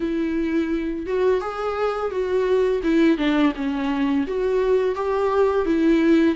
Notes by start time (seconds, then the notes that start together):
0.00 E4
1.06 F#4
1.41 G#4
2.11 F#4
2.83 E4
3.17 D4
3.55 C#4
4.27 F#4
4.95 G4
5.65 E4